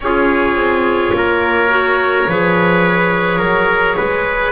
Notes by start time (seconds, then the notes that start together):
0.00 C#4 F4 G#4 C#5
0.54 C4
1.12 A#3 A#4
1.69 F#4
2.27 F3 G#4 B4
3.38 F#3 A#4
3.96 G#3 B4